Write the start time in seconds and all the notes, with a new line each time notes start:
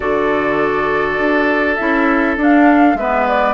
0.00 D3 F#4 A4 D5
1.18 D4
1.75 C#4 E4 E5
2.36 D4 F5
2.94 G#3 B3 B4 E5
3.27 D5